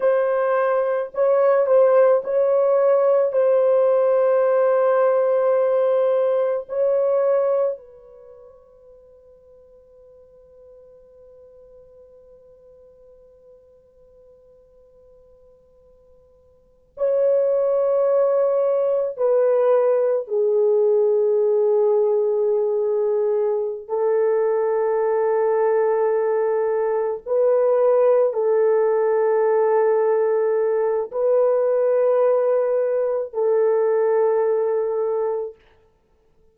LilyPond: \new Staff \with { instrumentName = "horn" } { \time 4/4 \tempo 4 = 54 c''4 cis''8 c''8 cis''4 c''4~ | c''2 cis''4 b'4~ | b'1~ | b'2.~ b'16 cis''8.~ |
cis''4~ cis''16 b'4 gis'4.~ gis'16~ | gis'4. a'2~ a'8~ | a'8 b'4 a'2~ a'8 | b'2 a'2 | }